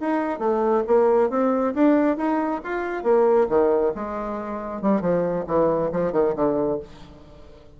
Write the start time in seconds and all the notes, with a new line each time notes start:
0.00 D#4
0.39 A3
0.86 A#3
1.29 C4
1.74 D4
2.17 D#4
2.64 F4
3.03 A#3
3.49 D#3
3.95 G#3
4.81 G3
5.00 F3
5.47 E3
5.92 F3
6.12 D#3
6.35 D3